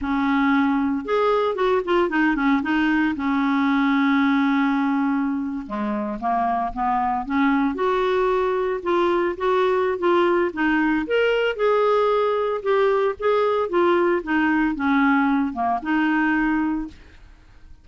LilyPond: \new Staff \with { instrumentName = "clarinet" } { \time 4/4 \tempo 4 = 114 cis'2 gis'4 fis'8 f'8 | dis'8 cis'8 dis'4 cis'2~ | cis'2~ cis'8. gis4 ais16~ | ais8. b4 cis'4 fis'4~ fis'16~ |
fis'8. f'4 fis'4~ fis'16 f'4 | dis'4 ais'4 gis'2 | g'4 gis'4 f'4 dis'4 | cis'4. ais8 dis'2 | }